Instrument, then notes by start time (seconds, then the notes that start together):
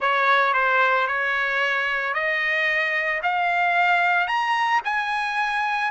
trumpet
0.00 C#5
0.53 C5
1.07 C#5
2.14 D#5
3.22 F5
4.27 A#5
4.84 G#5